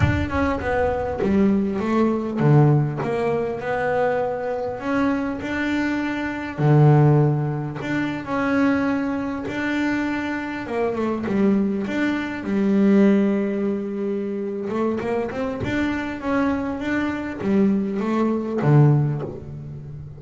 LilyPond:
\new Staff \with { instrumentName = "double bass" } { \time 4/4 \tempo 4 = 100 d'8 cis'8 b4 g4 a4 | d4 ais4 b2 | cis'4 d'2 d4~ | d4 d'8. cis'2 d'16~ |
d'4.~ d'16 ais8 a8 g4 d'16~ | d'8. g2.~ g16~ | g8 a8 ais8 c'8 d'4 cis'4 | d'4 g4 a4 d4 | }